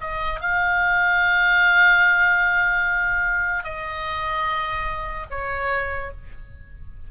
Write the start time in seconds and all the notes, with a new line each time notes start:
0.00 D#5
0.40 F5
3.64 D#5
5.30 C#5